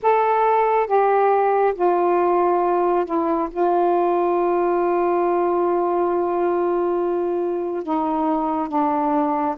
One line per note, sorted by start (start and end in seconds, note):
0.02 0.86 A4
0.86 1.73 G4
1.74 3.05 F4
3.05 3.48 E4
3.50 7.83 F4
7.83 8.68 D#4
8.68 9.55 D4